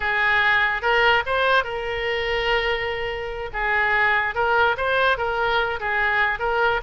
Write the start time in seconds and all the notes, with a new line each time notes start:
0.00 G#4
0.82 A#4
1.25 C5
1.63 A#4
3.53 G#4
4.34 A#4
4.77 C5
5.17 A#4
5.79 G#4
6.39 A#4